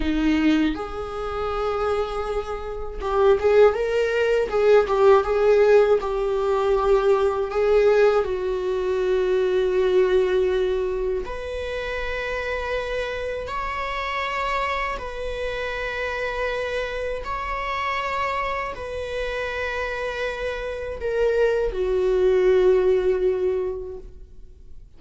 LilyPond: \new Staff \with { instrumentName = "viola" } { \time 4/4 \tempo 4 = 80 dis'4 gis'2. | g'8 gis'8 ais'4 gis'8 g'8 gis'4 | g'2 gis'4 fis'4~ | fis'2. b'4~ |
b'2 cis''2 | b'2. cis''4~ | cis''4 b'2. | ais'4 fis'2. | }